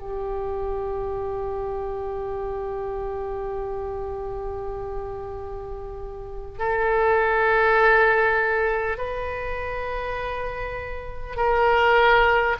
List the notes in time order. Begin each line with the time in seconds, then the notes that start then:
0.00 G4
6.59 A4
8.98 B4
11.37 A#4